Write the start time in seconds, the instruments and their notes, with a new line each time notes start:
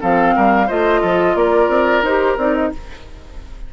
0.00 bassoon F3, clarinet C4, oboe A4, flute F5
0.35 bassoon G3, oboe A#4
0.67 bassoon A3, clarinet F4, oboe C5, flute D#5
1.01 bassoon F3, oboe A4
1.34 bassoon A#3, oboe A#4, flute D5
1.68 bassoon C4
2.02 bassoon D#4, clarinet G4, flute C5
2.37 bassoon C4, clarinet D#4, flute D5
2.55 flute D#5